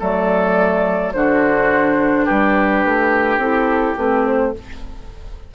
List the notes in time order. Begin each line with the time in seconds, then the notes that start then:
0.00 F#3 A3 A4 D5
1.13 D3 D4 F#4 C5
2.25 G3 G4 B4
2.85 A3
3.37 C4 E4 A4
3.97 A3 C4 B4
4.26 C5